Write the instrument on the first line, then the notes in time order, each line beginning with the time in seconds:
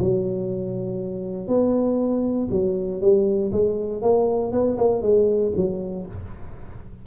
tuba
0.00 F#3
1.48 B3
2.51 F#3
3.02 G3
3.52 G#3
4.02 A#3
4.52 B3
4.78 A#3
5.03 G#3
5.56 F#3